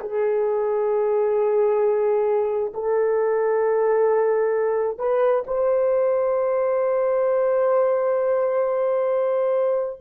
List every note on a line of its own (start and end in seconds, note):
0.00 2.73 G#4
2.74 4.98 A4
4.98 5.44 B4
5.47 10.00 C5